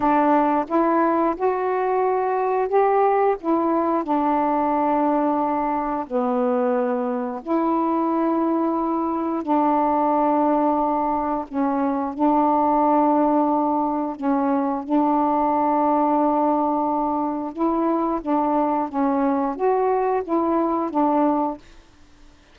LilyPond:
\new Staff \with { instrumentName = "saxophone" } { \time 4/4 \tempo 4 = 89 d'4 e'4 fis'2 | g'4 e'4 d'2~ | d'4 b2 e'4~ | e'2 d'2~ |
d'4 cis'4 d'2~ | d'4 cis'4 d'2~ | d'2 e'4 d'4 | cis'4 fis'4 e'4 d'4 | }